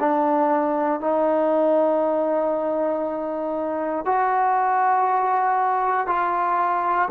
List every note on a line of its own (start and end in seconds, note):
0.00 1.01 D4
1.01 4.06 D#4
4.06 6.07 F#4
6.07 7.09 F4